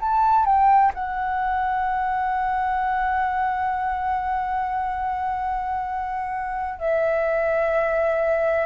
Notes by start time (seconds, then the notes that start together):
0.00 A5
0.46 G5
0.94 F#5
6.79 E5